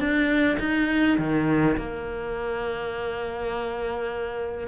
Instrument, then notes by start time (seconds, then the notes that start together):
cello
0.00 D4
0.60 D#4
1.18 D#3
1.78 A#3